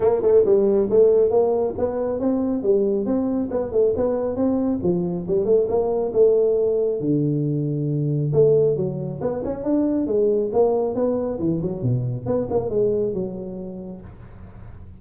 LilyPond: \new Staff \with { instrumentName = "tuba" } { \time 4/4 \tempo 4 = 137 ais8 a8 g4 a4 ais4 | b4 c'4 g4 c'4 | b8 a8 b4 c'4 f4 | g8 a8 ais4 a2 |
d2. a4 | fis4 b8 cis'8 d'4 gis4 | ais4 b4 e8 fis8 b,4 | b8 ais8 gis4 fis2 | }